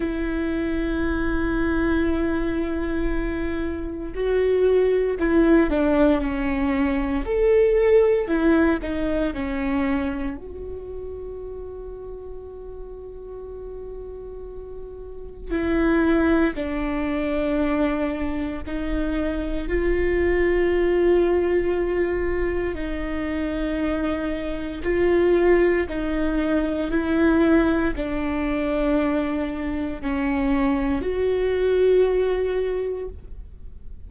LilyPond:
\new Staff \with { instrumentName = "viola" } { \time 4/4 \tempo 4 = 58 e'1 | fis'4 e'8 d'8 cis'4 a'4 | e'8 dis'8 cis'4 fis'2~ | fis'2. e'4 |
d'2 dis'4 f'4~ | f'2 dis'2 | f'4 dis'4 e'4 d'4~ | d'4 cis'4 fis'2 | }